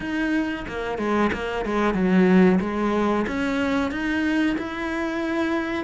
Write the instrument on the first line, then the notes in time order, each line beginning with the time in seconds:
cello
0.00 D#4
0.68 A#3
0.98 G#3
1.32 A#3
1.65 G#3
1.94 F#3
2.60 G#3
3.27 C#4
3.91 D#4
4.57 E4